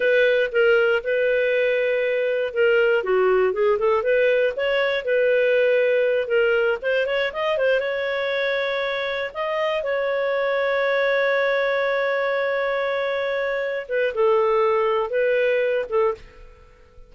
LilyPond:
\new Staff \with { instrumentName = "clarinet" } { \time 4/4 \tempo 4 = 119 b'4 ais'4 b'2~ | b'4 ais'4 fis'4 gis'8 a'8 | b'4 cis''4 b'2~ | b'8 ais'4 c''8 cis''8 dis''8 c''8 cis''8~ |
cis''2~ cis''8 dis''4 cis''8~ | cis''1~ | cis''2.~ cis''8 b'8 | a'2 b'4. a'8 | }